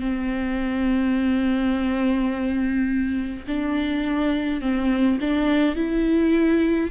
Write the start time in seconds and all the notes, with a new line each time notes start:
0.00 C4
3.47 D4
4.61 C4
5.20 D4
5.75 E4